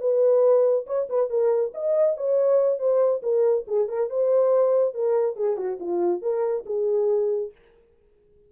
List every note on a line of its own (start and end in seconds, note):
0.00 0.86 B4
0.86 1.08 C#5
1.09 1.30 B4
1.30 1.72 A#4
1.74 2.17 D#5
2.17 2.79 C#5
2.79 3.22 C5
3.23 3.65 A#4
3.67 3.88 G#4
3.88 4.10 A#4
4.10 4.94 C5
4.94 5.36 A#4
5.36 5.57 G#4
5.57 5.78 F#4
5.80 6.22 F4
6.22 6.65 A#4
6.66 7.52 G#4